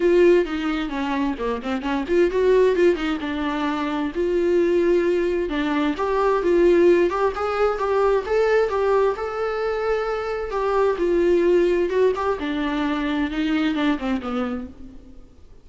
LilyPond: \new Staff \with { instrumentName = "viola" } { \time 4/4 \tempo 4 = 131 f'4 dis'4 cis'4 ais8 c'8 | cis'8 f'8 fis'4 f'8 dis'8 d'4~ | d'4 f'2. | d'4 g'4 f'4. g'8 |
gis'4 g'4 a'4 g'4 | a'2. g'4 | f'2 fis'8 g'8 d'4~ | d'4 dis'4 d'8 c'8 b4 | }